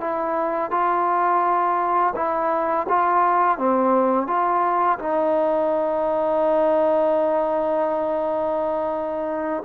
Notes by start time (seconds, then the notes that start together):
0.00 E4
0.71 F4
2.15 E4
2.89 F4
3.58 C4
4.27 F4
4.99 D#4